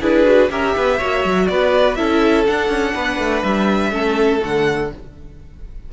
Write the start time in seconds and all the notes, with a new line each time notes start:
0.00 D4 E4 G#4 B4
0.24 F#4
0.50 C#4 G4 A#4 E5
0.76 B3 B4
0.97 A#3 F#4 C#5
1.24 F#3
1.46 B3 B4 D5
1.95 C#4 E4 A4 E5
2.46 D4 F#5
2.69 C#4
2.93 B3 B4
3.18 A3
3.43 G3 E5
3.90 A3 C#4 A4
4.39 D3 A3 F#5